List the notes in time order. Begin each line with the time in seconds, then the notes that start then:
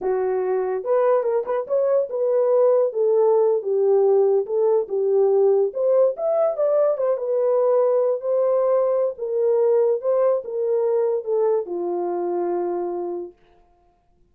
0.01 F#4
0.84 B4
1.23 A#4
1.45 B4
1.67 C#5
2.09 B4
2.93 A4
3.62 G4
4.46 A4
4.88 G4
5.73 C5
6.16 E5
6.56 D5
6.97 C5
7.17 B4
8.20 C5
9.18 A#4
10.01 C5
10.44 A#4
11.24 A4
11.66 F4